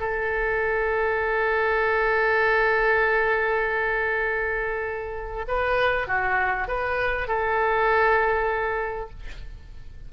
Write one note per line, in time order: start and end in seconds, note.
0.00 5.45 A4
5.48 6.07 B4
6.07 6.67 F#4
6.67 7.28 B4
7.28 9.10 A4